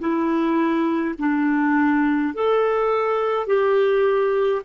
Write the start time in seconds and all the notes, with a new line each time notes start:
0.00 E4
1.19 D4
2.34 A4
3.47 G4